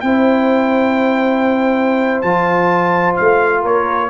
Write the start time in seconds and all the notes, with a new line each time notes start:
0.00 C4 E4 C5 G5
2.21 F3 F4 A5
3.16 A3 F5
3.61 A#3 A#4 C#5